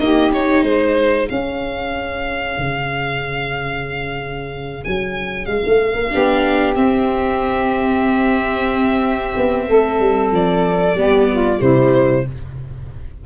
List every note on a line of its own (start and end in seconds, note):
0.00 0.34 A#3
0.00 0.64 D#4
0.00 0.67 G4
0.00 0.32 D#5
0.33 1.31 D#4
0.33 0.64 C#5
0.64 1.28 G#3
0.64 6.11 G#4
0.64 1.29 C5
1.30 2.58 C#4
1.30 6.11 C#4
1.30 4.84 F5
2.58 4.84 C#3
4.84 5.47 F#3
4.84 5.46 G#5
5.46 5.63 G#3
5.46 6.75 F5
5.66 5.94 A3
5.94 6.10 A#3
6.11 6.76 B3
6.11 6.76 D4
6.11 9.66 G4
6.75 9.34 C4
6.75 10.96 C4
6.75 10.30 E5
9.37 9.69 B3
9.69 10.00 A3
9.69 10.97 A4
10.00 10.32 G3
10.32 10.95 F3
10.32 11.62 D5
10.95 11.59 G3
10.95 11.59 B3
10.95 11.30 G4
11.32 11.62 F4
11.59 12.26 C3
11.59 12.23 G3
11.59 12.26 E4
11.59 12.26 C5